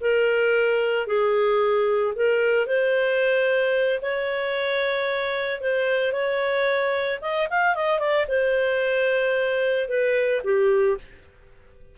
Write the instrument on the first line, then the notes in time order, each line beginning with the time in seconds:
clarinet
0.00 A#4
1.06 G#4
2.15 A#4
2.66 C5
4.01 C#5
5.60 C5
6.12 C#5
7.21 D#5
7.50 F5
7.75 D#5
7.99 D5
8.27 C5
9.88 B4
10.44 G4